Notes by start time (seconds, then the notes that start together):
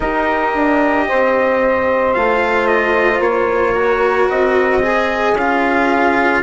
0.00 D#4 G4 A#4 D#5
0.54 D4
1.07 C4 C5
2.13 A3 F4 F5
2.67 D#5
3.19 A#3 C#5
3.74 F#4 A#4
4.29 C4 D#5
4.80 G#4
5.33 C#4 F4 F5